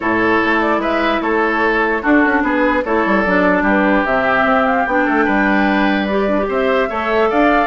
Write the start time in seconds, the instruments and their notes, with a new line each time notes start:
0.00 bassoon A2, clarinet E4, oboe A4, flute C#5
0.43 bassoon A3
0.61 flute D5
0.78 bassoon G#3, oboe B4, flute E5
1.21 bassoon A3, oboe A4, flute C#5
2.02 clarinet D4, bassoon D4, oboe F#4, flute A4
2.25 bassoon C#4
2.42 bassoon B3, oboe G#4, flute B4
2.84 bassoon A3, clarinet E4, oboe A4, flute C#5
3.06 bassoon G3
3.22 bassoon F#3, clarinet D4, flute D5
3.61 bassoon G3, oboe G4
3.68 flute B4
4.05 bassoon C3, clarinet C4, flute E5
4.43 bassoon C4
4.66 flute F5
4.85 bassoon B3, clarinet D4, flute G5
5.05 bassoon A3, oboe A4
5.24 bassoon G3, oboe B4
6.06 clarinet G4, flute D5
6.28 clarinet D4
6.39 clarinet G4
6.48 bassoon C4, oboe C5, flute E5
6.89 bassoon A3, clarinet A4, oboe C#5
7.29 bassoon D4, oboe D5, flute F5